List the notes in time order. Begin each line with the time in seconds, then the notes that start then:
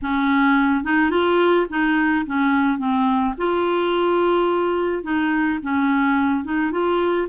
0.02 C#4
0.83 D#4
1.10 F4
1.69 D#4
2.26 C#4
2.78 C4
3.37 F4
5.03 D#4
5.62 C#4
6.44 D#4
6.71 F4